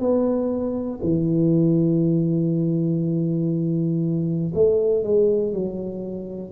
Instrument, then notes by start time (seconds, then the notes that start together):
tuba
0.00 B3
1.03 E3
4.55 A3
5.04 G#3
5.53 F#3